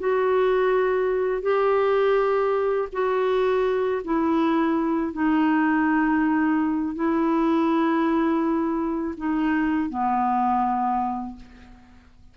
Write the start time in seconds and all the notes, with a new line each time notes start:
0.00 F#4
1.42 G4
2.93 F#4
4.04 E4
5.13 D#4
6.95 E4
9.17 D#4
9.90 B3